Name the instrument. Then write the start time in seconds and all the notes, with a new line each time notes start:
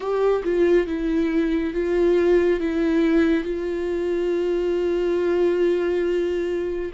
viola
0.00 G4
0.43 F4
0.87 E4
1.73 F4
2.60 E4
3.43 F4